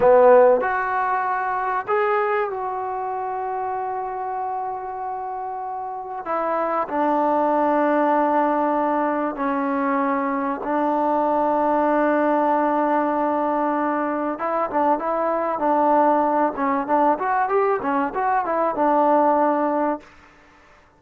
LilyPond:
\new Staff \with { instrumentName = "trombone" } { \time 4/4 \tempo 4 = 96 b4 fis'2 gis'4 | fis'1~ | fis'2 e'4 d'4~ | d'2. cis'4~ |
cis'4 d'2.~ | d'2. e'8 d'8 | e'4 d'4. cis'8 d'8 fis'8 | g'8 cis'8 fis'8 e'8 d'2 | }